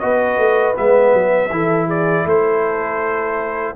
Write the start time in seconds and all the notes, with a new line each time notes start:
0.00 B3 F#4 B4 D#5
0.38 A3
0.75 G#3 B3 E5
1.14 F#3
1.51 E3 E4 A4
1.87 G#4 D5
2.26 A3 A4 C5